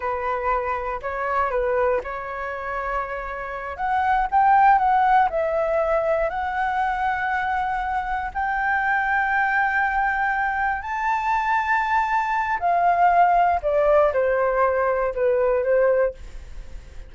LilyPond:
\new Staff \with { instrumentName = "flute" } { \time 4/4 \tempo 4 = 119 b'2 cis''4 b'4 | cis''2.~ cis''8 fis''8~ | fis''8 g''4 fis''4 e''4.~ | e''8 fis''2.~ fis''8~ |
fis''8 g''2.~ g''8~ | g''4. a''2~ a''8~ | a''4 f''2 d''4 | c''2 b'4 c''4 | }